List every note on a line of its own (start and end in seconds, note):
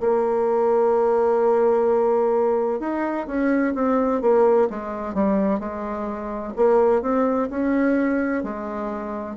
0.00 2.80 A#3
2.80 3.26 D#4
3.27 3.74 C#4
3.74 4.21 C4
4.21 4.68 A#3
4.70 5.14 G#3
5.14 5.59 G3
5.59 6.53 G#3
6.56 7.01 A#3
7.01 7.48 C4
7.50 8.43 C#4
8.43 9.36 G#3